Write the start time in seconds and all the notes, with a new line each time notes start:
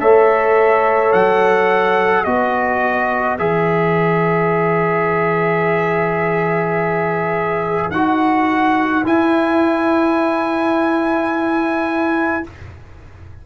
0.00 A3 A4 C#5 E5
1.12 F#3 F#5
2.22 B3 F#4 B4 D#5
3.39 E3 G#4 E5
7.90 D#4 F#4 F#5
9.04 E4 G#5